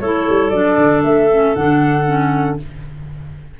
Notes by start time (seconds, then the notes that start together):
0.00 A3 E4 A4 C#5
0.29 G3
0.50 F#3 D4 D5
0.77 D3
1.03 A3 E5
1.31 C#4
1.55 D3 D4 F#5
2.05 C#4